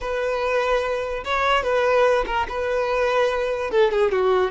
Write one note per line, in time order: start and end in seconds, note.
0.00 1.24 B4
1.24 1.63 C#5
1.63 2.25 B4
2.26 2.47 A#4
2.49 3.70 B4
3.70 3.91 A4
3.91 4.11 G#4
4.11 4.51 F#4